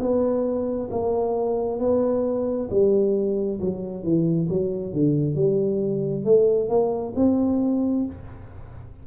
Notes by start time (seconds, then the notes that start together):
0.00 B3
0.91 A#3
1.80 B3
2.71 G3
3.61 F#3
4.04 E3
4.49 F#3
4.94 D3
5.36 G3
6.25 A3
6.70 A#3
7.16 C4